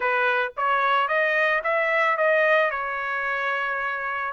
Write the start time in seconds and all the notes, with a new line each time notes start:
0.00 B4
0.57 C#5
1.08 D#5
1.63 E5
2.17 D#5
2.71 C#5